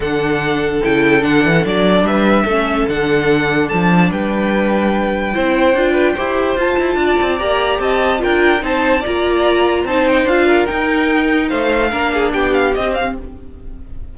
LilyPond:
<<
  \new Staff \with { instrumentName = "violin" } { \time 4/4 \tempo 4 = 146 fis''2 g''4 fis''4 | d''4 e''2 fis''4~ | fis''4 a''4 g''2~ | g''1 |
a''2 ais''4 a''4 | g''4 a''4 ais''2 | a''8 g''8 f''4 g''2 | f''2 g''8 f''8 dis''8 f''8 | }
  \new Staff \with { instrumentName = "violin" } { \time 4/4 a'1~ | a'4 b'4 a'2~ | a'2 b'2~ | b'4 c''4. b'8 c''4~ |
c''4 d''2 dis''4 | ais'4 c''4 d''2 | c''4. ais'2~ ais'8 | c''4 ais'8 gis'8 g'2 | }
  \new Staff \with { instrumentName = "viola" } { \time 4/4 d'2 e'4 d'8. cis'16 | d'2 cis'4 d'4~ | d'1~ | d'4 e'4 f'4 g'4 |
f'2 g'2 | f'4 dis'4 f'2 | dis'4 f'4 dis'2~ | dis'4 d'2 c'4 | }
  \new Staff \with { instrumentName = "cello" } { \time 4/4 d2 cis4 d8 e8 | fis4 g4 a4 d4~ | d4 f4 g2~ | g4 c'4 d'4 e'4 |
f'8 e'8 d'8 c'8 ais4 c'4 | d'4 c'4 ais2 | c'4 d'4 dis'2 | a4 ais4 b4 c'4 | }
>>